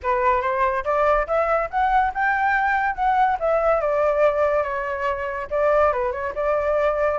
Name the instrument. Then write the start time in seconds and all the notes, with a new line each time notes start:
flute
0.02 B4
0.41 C5
0.84 D5
1.27 E5
1.70 F#5
2.14 G5
2.95 F#5
3.39 E5
3.80 D5
4.62 C#5
5.50 D5
5.92 B4
6.12 C#5
6.35 D5